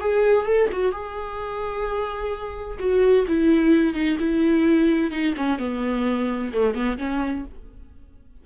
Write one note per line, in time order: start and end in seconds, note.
0.00 0.46 G#4
0.46 0.69 A4
0.72 0.92 F#4
0.92 2.78 G#4
2.79 3.26 F#4
3.28 3.94 E4
3.94 4.17 D#4
4.19 5.11 E4
5.11 5.34 D#4
5.37 5.59 C#4
5.59 6.52 B3
6.53 6.74 A3
6.74 6.98 B3
6.98 7.45 C#4